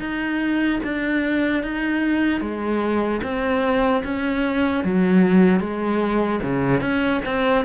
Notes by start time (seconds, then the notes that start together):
0.00 D#4
0.84 D4
1.64 D#4
2.41 G#3
3.23 C4
4.04 C#4
4.84 F#3
5.60 G#3
6.43 C#3
6.81 C#4
7.25 C4